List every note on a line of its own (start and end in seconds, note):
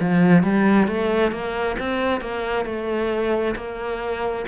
0.00 0.43 F3
0.43 0.88 G3
0.88 1.31 A3
1.31 1.76 A#3
1.79 2.21 C4
2.21 2.65 A#3
2.65 3.55 A3
3.56 4.45 A#3